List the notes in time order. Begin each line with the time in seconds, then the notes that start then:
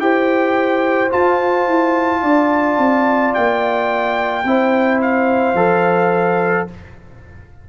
0.00 E4 G4 C5 G5
1.11 F4 A5
1.68 E4
2.22 D4 D5
2.78 C4
3.34 A#3 G5
4.44 C4 E4 C5
5.02 F5
5.54 F3 A4